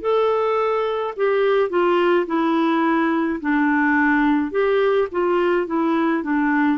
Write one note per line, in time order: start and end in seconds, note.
0.00 1.13 A4
1.16 1.69 G4
1.69 2.26 F4
2.26 3.39 E4
3.40 4.51 D4
4.51 5.07 G4
5.11 5.67 F4
5.67 6.23 E4
6.23 6.78 D4